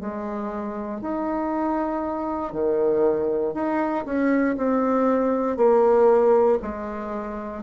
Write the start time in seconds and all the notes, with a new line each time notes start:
0.00 G#3
1.01 D#4
2.52 D#3
3.54 D#4
4.05 C#4
4.57 C4
5.56 A#3
6.61 G#3